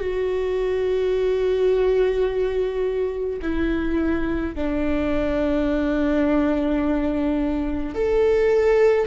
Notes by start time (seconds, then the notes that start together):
0.00 F#4
3.42 E4
4.55 D4
7.95 A4